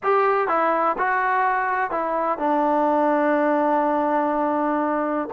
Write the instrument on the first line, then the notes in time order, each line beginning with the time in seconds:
trombone
0.03 G4
0.48 E4
0.97 F#4
1.90 E4
2.38 D4